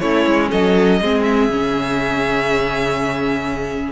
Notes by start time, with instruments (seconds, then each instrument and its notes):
0.00 cello A3, viola C#4, violin E4 C#5
0.27 cello G#3
0.51 cello F#3, violin A4 D#5
1.02 cello G#3, viola C4, violin G#4
1.23 violin E5
1.50 cello C#3, viola C#4